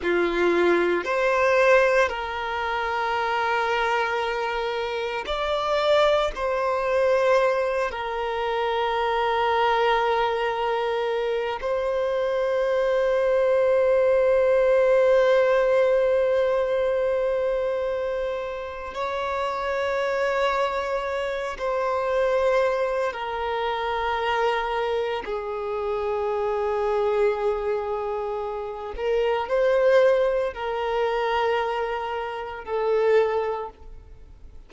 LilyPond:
\new Staff \with { instrumentName = "violin" } { \time 4/4 \tempo 4 = 57 f'4 c''4 ais'2~ | ais'4 d''4 c''4. ais'8~ | ais'2. c''4~ | c''1~ |
c''2 cis''2~ | cis''8 c''4. ais'2 | gis'2.~ gis'8 ais'8 | c''4 ais'2 a'4 | }